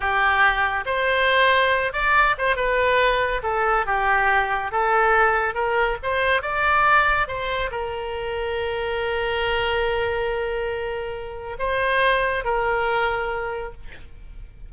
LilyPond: \new Staff \with { instrumentName = "oboe" } { \time 4/4 \tempo 4 = 140 g'2 c''2~ | c''8 d''4 c''8 b'2 | a'4 g'2 a'4~ | a'4 ais'4 c''4 d''4~ |
d''4 c''4 ais'2~ | ais'1~ | ais'2. c''4~ | c''4 ais'2. | }